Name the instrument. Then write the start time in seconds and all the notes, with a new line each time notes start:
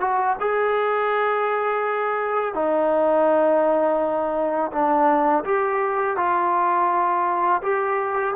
trombone
0.00 F#4
0.40 G#4
2.54 D#4
4.72 D4
5.44 G4
6.17 F4
7.63 G4